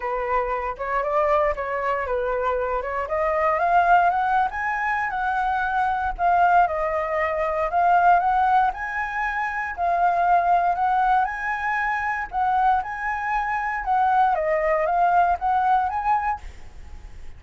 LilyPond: \new Staff \with { instrumentName = "flute" } { \time 4/4 \tempo 4 = 117 b'4. cis''8 d''4 cis''4 | b'4. cis''8 dis''4 f''4 | fis''8. gis''4~ gis''16 fis''2 | f''4 dis''2 f''4 |
fis''4 gis''2 f''4~ | f''4 fis''4 gis''2 | fis''4 gis''2 fis''4 | dis''4 f''4 fis''4 gis''4 | }